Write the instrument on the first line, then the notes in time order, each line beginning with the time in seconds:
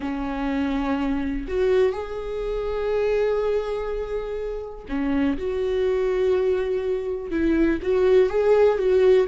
viola
0.00 C#4
1.48 F#4
1.92 G#4
4.88 C#4
5.38 F#4
7.31 E4
7.82 F#4
8.29 G#4
8.78 F#4